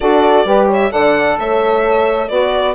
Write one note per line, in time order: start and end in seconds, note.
0.00 0.44 D4
0.00 0.45 F#4
0.00 0.46 A4
0.00 0.66 D5
0.44 0.90 G3
0.44 0.90 G4
0.44 0.67 B4
0.67 0.90 C#5
0.73 0.91 E5
0.90 1.38 D3
0.90 2.27 A4
0.90 1.38 D5
0.90 1.37 F#5
1.38 2.29 A3
1.38 2.30 C#5
1.38 2.28 E5
2.28 2.75 B3
2.28 2.74 F#4
2.28 2.75 B4
2.28 2.74 D5